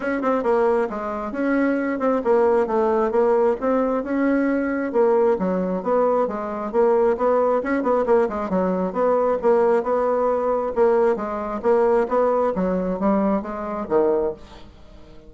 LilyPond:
\new Staff \with { instrumentName = "bassoon" } { \time 4/4 \tempo 4 = 134 cis'8 c'8 ais4 gis4 cis'4~ | cis'8 c'8 ais4 a4 ais4 | c'4 cis'2 ais4 | fis4 b4 gis4 ais4 |
b4 cis'8 b8 ais8 gis8 fis4 | b4 ais4 b2 | ais4 gis4 ais4 b4 | fis4 g4 gis4 dis4 | }